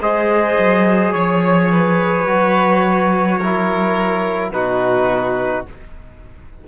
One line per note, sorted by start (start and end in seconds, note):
0.00 0.57 G#3
0.00 2.26 G#4
0.00 1.13 C5
0.00 1.12 D#5
0.58 1.13 F#3
1.12 2.25 F3
1.12 4.51 C#5
1.12 1.71 C#5
1.71 3.38 B4
2.25 4.50 F#3
2.25 3.40 F#4
3.38 4.53 E4
3.38 4.51 A#4
4.50 5.64 B2
4.50 5.66 D#4
4.50 5.67 F#4
4.50 5.65 B4